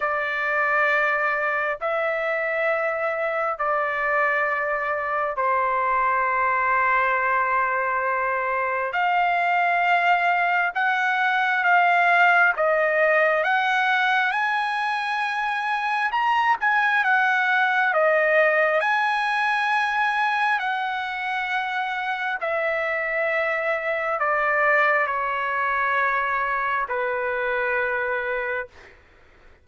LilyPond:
\new Staff \with { instrumentName = "trumpet" } { \time 4/4 \tempo 4 = 67 d''2 e''2 | d''2 c''2~ | c''2 f''2 | fis''4 f''4 dis''4 fis''4 |
gis''2 ais''8 gis''8 fis''4 | dis''4 gis''2 fis''4~ | fis''4 e''2 d''4 | cis''2 b'2 | }